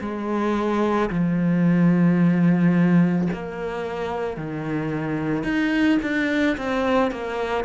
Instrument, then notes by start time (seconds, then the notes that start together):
cello
0.00 G#3
1.10 F3
3.32 A#3
4.36 D#3
5.43 D#4
6.02 D4
6.57 C4
7.11 A#3